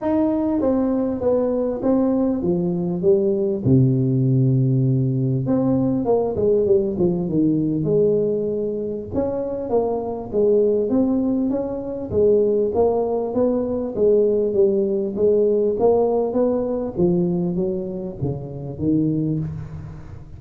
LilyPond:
\new Staff \with { instrumentName = "tuba" } { \time 4/4 \tempo 4 = 99 dis'4 c'4 b4 c'4 | f4 g4 c2~ | c4 c'4 ais8 gis8 g8 f8 | dis4 gis2 cis'4 |
ais4 gis4 c'4 cis'4 | gis4 ais4 b4 gis4 | g4 gis4 ais4 b4 | f4 fis4 cis4 dis4 | }